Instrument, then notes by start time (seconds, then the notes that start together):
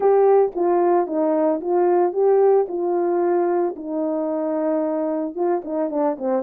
horn
0.00 G4
0.55 F4
1.07 D#4
1.60 F4
2.13 G4
2.68 F4
3.75 D#4
5.35 F4
5.64 D#4
5.90 D4
6.18 C4